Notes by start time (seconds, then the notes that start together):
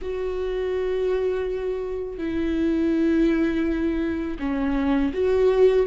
0.01 F#4
2.18 E4
4.39 C#4
5.13 F#4